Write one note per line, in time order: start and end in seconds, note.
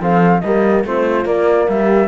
0.00 0.42 F3
0.00 0.42 C4
0.00 0.43 A4
0.00 0.40 F5
0.40 0.84 G3
0.40 0.85 A#3
0.40 0.85 G4
0.40 0.82 D#5
0.84 1.25 A3
0.84 1.24 C4
0.84 1.70 F4
0.84 1.27 C5
1.24 2.08 A#3
1.24 1.67 A#3
1.24 1.69 D5
1.68 2.08 G3
1.68 2.08 G4
1.68 2.08 E5